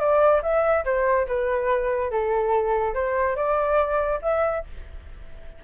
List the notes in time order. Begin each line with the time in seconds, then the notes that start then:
0.00 D5
0.43 E5
0.85 C5
1.27 B4
2.11 A4
2.94 C5
3.36 D5
4.22 E5